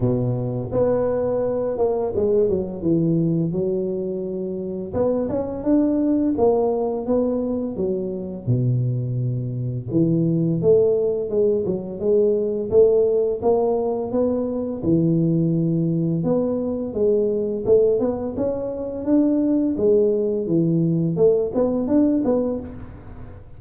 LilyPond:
\new Staff \with { instrumentName = "tuba" } { \time 4/4 \tempo 4 = 85 b,4 b4. ais8 gis8 fis8 | e4 fis2 b8 cis'8 | d'4 ais4 b4 fis4 | b,2 e4 a4 |
gis8 fis8 gis4 a4 ais4 | b4 e2 b4 | gis4 a8 b8 cis'4 d'4 | gis4 e4 a8 b8 d'8 b8 | }